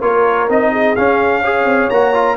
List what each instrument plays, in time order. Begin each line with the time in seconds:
0.00 tuba A#3, trombone F4, horn A#4, trumpet C#5
0.49 tuba C4, trombone D#4, trumpet D#5
0.72 horn G#4
0.96 trombone C#4, tuba C#4, trumpet F5
1.42 trombone G#4, horn C#5
1.65 tuba C4
1.90 tuba A#3, trombone F#4, trumpet A#5
2.14 trombone F4